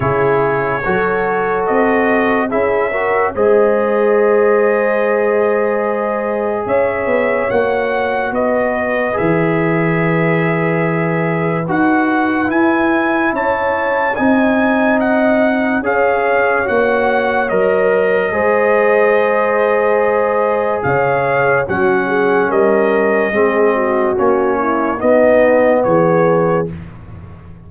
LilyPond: <<
  \new Staff \with { instrumentName = "trumpet" } { \time 4/4 \tempo 4 = 72 cis''2 dis''4 e''4 | dis''1 | e''4 fis''4 dis''4 e''4~ | e''2 fis''4 gis''4 |
a''4 gis''4 fis''4 f''4 | fis''4 dis''2.~ | dis''4 f''4 fis''4 dis''4~ | dis''4 cis''4 dis''4 cis''4 | }
  \new Staff \with { instrumentName = "horn" } { \time 4/4 gis'4 a'2 gis'8 ais'8 | c''1 | cis''2 b'2~ | b'1 |
cis''4 dis''2 cis''4~ | cis''2 c''2~ | c''4 cis''4 fis'8 gis'8 ais'4 | gis'8 fis'4 e'8 dis'4 gis'4 | }
  \new Staff \with { instrumentName = "trombone" } { \time 4/4 e'4 fis'2 e'8 fis'8 | gis'1~ | gis'4 fis'2 gis'4~ | gis'2 fis'4 e'4~ |
e'4 dis'2 gis'4 | fis'4 ais'4 gis'2~ | gis'2 cis'2 | c'4 cis'4 b2 | }
  \new Staff \with { instrumentName = "tuba" } { \time 4/4 cis4 fis4 c'4 cis'4 | gis1 | cis'8 b8 ais4 b4 e4~ | e2 dis'4 e'4 |
cis'4 c'2 cis'4 | ais4 fis4 gis2~ | gis4 cis4 fis4 g4 | gis4 ais4 b4 e4 | }
>>